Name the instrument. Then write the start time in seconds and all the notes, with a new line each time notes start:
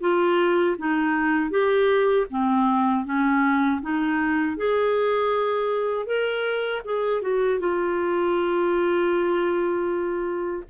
clarinet
0.00 F4
0.78 D#4
1.50 G4
2.30 C4
3.04 C#4
3.81 D#4
4.57 G#4
6.06 A#4
6.85 G#4
7.21 F#4
7.59 F4